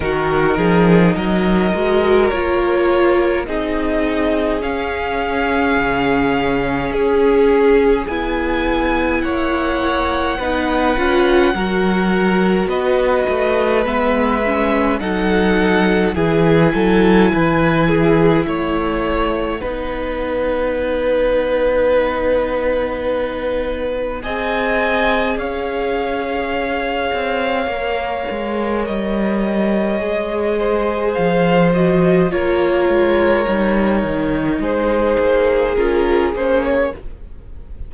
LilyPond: <<
  \new Staff \with { instrumentName = "violin" } { \time 4/4 \tempo 4 = 52 ais'4 dis''4 cis''4 dis''4 | f''2 gis'4 gis''4 | fis''2. dis''4 | e''4 fis''4 gis''2 |
fis''1~ | fis''4 gis''4 f''2~ | f''4 dis''2 f''8 dis''8 | cis''2 c''4 ais'8 c''16 cis''16 | }
  \new Staff \with { instrumentName = "violin" } { \time 4/4 fis'8 gis'8 ais'2 gis'4~ | gis'1 | cis''4 b'4 ais'4 b'4~ | b'4 a'4 gis'8 a'8 b'8 gis'8 |
cis''4 b'2.~ | b'4 dis''4 cis''2~ | cis''2~ cis''8 c''4. | ais'2 gis'2 | }
  \new Staff \with { instrumentName = "viola" } { \time 4/4 dis'4. fis'8 f'4 dis'4 | cis'2. e'4~ | e'4 dis'8 f'8 fis'2 | b8 cis'8 dis'4 e'2~ |
e'4 dis'2.~ | dis'4 gis'2. | ais'2 gis'4. fis'8 | f'4 dis'2 f'8 cis'8 | }
  \new Staff \with { instrumentName = "cello" } { \time 4/4 dis8 f8 fis8 gis8 ais4 c'4 | cis'4 cis4 cis'4 b4 | ais4 b8 cis'8 fis4 b8 a8 | gis4 fis4 e8 fis8 e4 |
a4 b2.~ | b4 c'4 cis'4. c'8 | ais8 gis8 g4 gis4 f4 | ais8 gis8 g8 dis8 gis8 ais8 cis'8 ais8 | }
>>